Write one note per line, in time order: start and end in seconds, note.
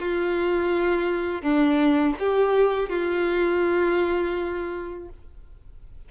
0.00 1.42 F4
1.42 2.16 D4
2.20 2.90 G4
2.90 5.09 F4